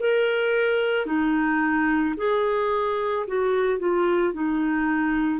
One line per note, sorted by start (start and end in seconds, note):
0.00 1.06 A#4
1.06 2.15 D#4
2.17 3.26 G#4
3.27 3.79 F#4
3.79 4.33 F4
4.33 5.40 D#4